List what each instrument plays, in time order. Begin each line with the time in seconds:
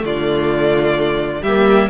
0.00 cello D3, viola A3, violin F4 D5
1.42 cello G3, violin G4 E5
1.48 viola A#3